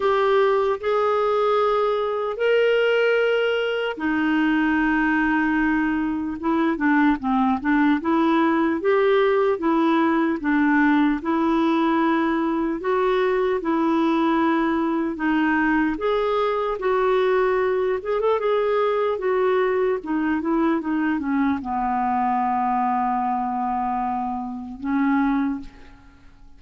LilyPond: \new Staff \with { instrumentName = "clarinet" } { \time 4/4 \tempo 4 = 75 g'4 gis'2 ais'4~ | ais'4 dis'2. | e'8 d'8 c'8 d'8 e'4 g'4 | e'4 d'4 e'2 |
fis'4 e'2 dis'4 | gis'4 fis'4. gis'16 a'16 gis'4 | fis'4 dis'8 e'8 dis'8 cis'8 b4~ | b2. cis'4 | }